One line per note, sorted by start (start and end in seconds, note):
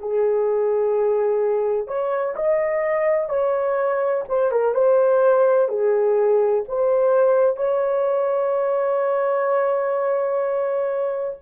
0.00 1.87 G#4
1.87 2.35 C#5
2.36 3.29 D#5
3.29 4.25 C#5
4.29 4.52 C5
4.52 4.75 A#4
4.75 5.69 C5
5.69 6.64 G#4
6.68 7.57 C5
7.57 11.38 C#5